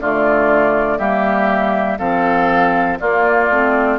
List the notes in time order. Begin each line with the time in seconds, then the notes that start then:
0.00 D3 A3 F4 D5
0.98 G3 A#3 G4 E5
1.98 F3 C4 A4 F5
2.99 A#3 F4 D5
3.49 A3 C4